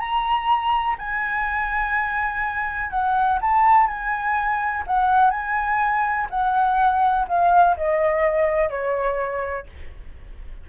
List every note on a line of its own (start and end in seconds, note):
0.00 0.97 A#5
0.99 2.91 G#5
2.91 3.39 F#5
3.42 3.88 A5
3.88 4.84 G#5
4.87 5.31 F#5
5.31 6.28 G#5
6.31 7.27 F#5
7.28 7.77 F5
7.77 8.70 D#5
8.70 9.67 C#5